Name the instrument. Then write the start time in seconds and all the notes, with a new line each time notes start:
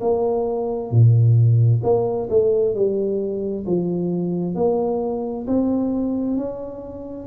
tuba
0.00 A#3
0.90 A#2
1.83 A#3
2.29 A3
2.74 G3
3.66 F3
4.55 A#3
5.47 C4
6.36 C#4